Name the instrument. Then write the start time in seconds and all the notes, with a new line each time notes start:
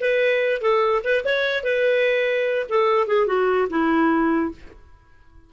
clarinet
0.00 B4
0.61 A4
1.04 B4
1.25 C#5
1.63 B4
2.69 A4
3.07 G#4
3.27 F#4
3.69 E4